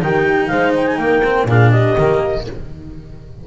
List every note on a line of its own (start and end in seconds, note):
0.00 0.51 D#3
0.00 1.22 D#4
0.00 0.50 G4
0.00 0.48 G5
0.48 0.98 G#3
0.48 0.99 C5
0.48 0.72 F5
0.76 0.87 G5
0.87 0.97 G#5
0.97 1.45 A#3
0.97 1.49 A#4
0.97 1.46 G5
1.24 1.48 C4
1.45 1.94 A#2
1.45 1.97 D4
1.45 1.71 G#4
1.45 1.71 F5
1.71 2.44 G4
1.71 2.45 D#5
1.98 2.47 D#3
1.98 2.47 A#3